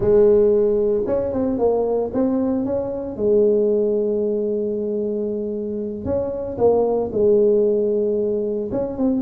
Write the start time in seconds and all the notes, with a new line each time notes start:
0.00 G#3
1.06 C#4
1.33 C4
1.58 A#3
2.13 C4
2.65 C#4
3.16 G#3
6.04 C#4
6.57 A#3
7.12 G#3
8.71 C#4
8.97 C4